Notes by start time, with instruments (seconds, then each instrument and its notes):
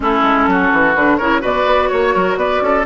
0.00 bassoon A3, clarinet C#4, oboe E4, flute A4
0.22 bassoon G#3
0.46 bassoon F#3, oboe F#4
0.72 bassoon E3
0.94 bassoon D3, clarinet D4, flute B4
1.16 bassoon C#3, clarinet E4, oboe A#4, flute C#5
1.40 bassoon B2, clarinet F#4, oboe B4, flute D5
1.65 bassoon B3
1.88 bassoon A#3, flute C#5, oboe C#5
2.14 bassoon F#3, oboe A#4
2.36 bassoon B3, oboe B4, flute D5
2.61 bassoon C#4, oboe A4